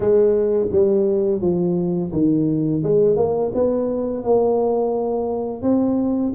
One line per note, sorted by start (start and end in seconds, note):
0.00 0.67 G#3
0.71 1.41 G3
1.41 2.11 F3
2.12 2.82 D#3
2.83 3.16 G#3
3.16 3.51 A#3
3.54 4.23 B3
4.23 5.61 A#3
5.61 6.32 C4